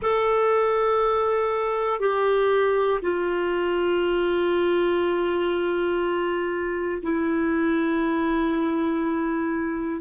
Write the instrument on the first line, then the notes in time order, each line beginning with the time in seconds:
clarinet
0.01 A4
2.00 G4
3.02 F4
7.02 E4